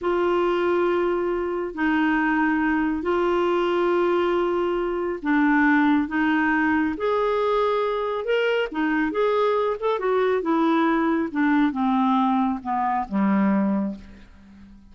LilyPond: \new Staff \with { instrumentName = "clarinet" } { \time 4/4 \tempo 4 = 138 f'1 | dis'2. f'4~ | f'1 | d'2 dis'2 |
gis'2. ais'4 | dis'4 gis'4. a'8 fis'4 | e'2 d'4 c'4~ | c'4 b4 g2 | }